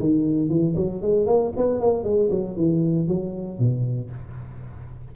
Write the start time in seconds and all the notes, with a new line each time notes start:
0.00 D#3
0.49 E3
0.77 F#3
1.03 G#3
1.27 A#3
1.57 B3
1.81 A#3
2.04 G#3
2.31 F#3
2.57 E3
3.08 F#3
3.59 B2